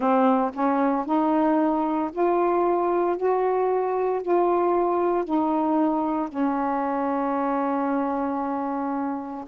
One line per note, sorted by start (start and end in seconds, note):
0.00 0.51 C4
0.53 1.05 C#4
1.05 2.11 D#4
2.11 3.16 F4
3.16 4.22 F#4
4.22 5.24 F4
5.24 6.29 D#4
6.29 9.44 C#4